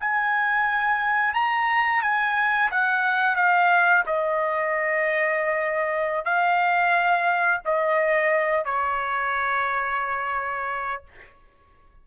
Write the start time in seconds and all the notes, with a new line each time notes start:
0.00 G#5
1.34 A#5
2.02 G#5
2.71 F#5
3.36 F5
4.06 D#5
6.24 F5
7.65 D#5
8.65 C#5